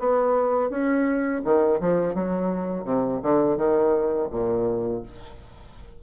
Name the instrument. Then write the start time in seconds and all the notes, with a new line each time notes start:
bassoon
0.00 B3
0.70 C#4
1.45 D#3
1.81 F3
2.15 F#3
2.85 C3
3.23 D3
3.58 D#3
4.31 A#2